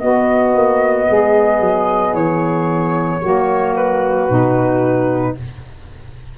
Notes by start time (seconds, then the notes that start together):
0.00 B3 F#4 D#5
0.55 A#3
1.09 G#3 G#4
1.60 F#3
2.14 E3 C#5
3.21 F#3 A#3 F#4
3.76 B4
4.29 B2 D#4